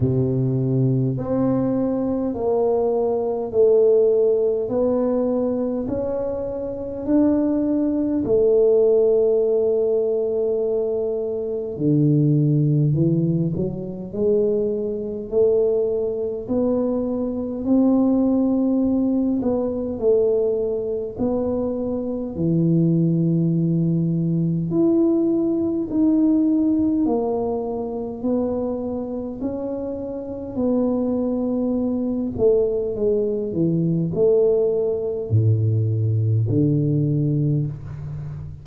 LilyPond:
\new Staff \with { instrumentName = "tuba" } { \time 4/4 \tempo 4 = 51 c4 c'4 ais4 a4 | b4 cis'4 d'4 a4~ | a2 d4 e8 fis8 | gis4 a4 b4 c'4~ |
c'8 b8 a4 b4 e4~ | e4 e'4 dis'4 ais4 | b4 cis'4 b4. a8 | gis8 e8 a4 a,4 d4 | }